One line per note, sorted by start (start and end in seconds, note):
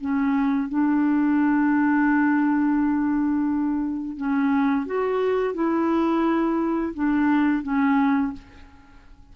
0.00 0.68 C#4
0.68 4.16 D4
4.16 4.86 C#4
4.86 5.54 F#4
5.54 6.94 E4
6.94 7.63 D4
7.63 8.32 C#4